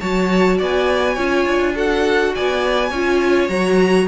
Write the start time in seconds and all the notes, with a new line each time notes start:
0.00 F#3 F#4 C#5 A5
0.58 B3 D5 G#5
1.14 C#4 F4 C#5
1.45 D4
1.75 F#4 A4 F#5
2.35 B3 D5 G#5
2.90 C#4 F4 C#5
3.49 F#3 F#4 A#5